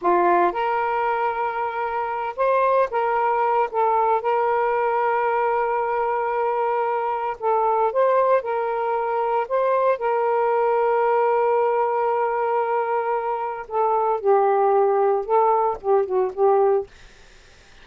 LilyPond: \new Staff \with { instrumentName = "saxophone" } { \time 4/4 \tempo 4 = 114 f'4 ais'2.~ | ais'8 c''4 ais'4. a'4 | ais'1~ | ais'2 a'4 c''4 |
ais'2 c''4 ais'4~ | ais'1~ | ais'2 a'4 g'4~ | g'4 a'4 g'8 fis'8 g'4 | }